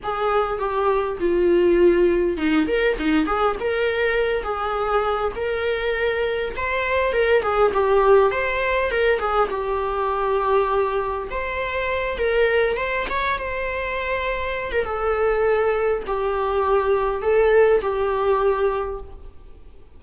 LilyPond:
\new Staff \with { instrumentName = "viola" } { \time 4/4 \tempo 4 = 101 gis'4 g'4 f'2 | dis'8 ais'8 dis'8 gis'8 ais'4. gis'8~ | gis'4 ais'2 c''4 | ais'8 gis'8 g'4 c''4 ais'8 gis'8 |
g'2. c''4~ | c''8 ais'4 c''8 cis''8 c''4.~ | c''8. ais'16 a'2 g'4~ | g'4 a'4 g'2 | }